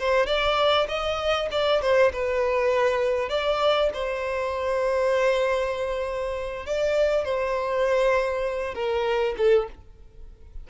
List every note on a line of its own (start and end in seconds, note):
0.00 0.27 C5
0.27 0.88 D5
0.89 1.50 D#5
1.52 1.82 D5
1.82 2.12 C5
2.13 3.30 B4
3.30 3.90 D5
3.94 6.66 C5
6.66 7.25 D5
7.25 8.75 C5
8.75 9.36 A#4
9.38 9.68 A4